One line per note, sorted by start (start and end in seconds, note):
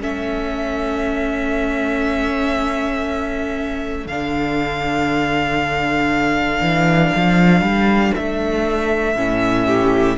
0.00 4.06 A3
0.00 4.08 C#4
0.00 9.66 A4
0.00 4.07 E5
4.06 6.60 D3
4.06 9.16 D4
4.06 8.14 F5
6.61 7.12 E3
7.16 7.61 F3
7.61 8.12 G3
8.15 9.16 A3
8.15 10.18 E5
9.16 10.18 A2
9.16 10.18 C#4
9.67 10.18 G4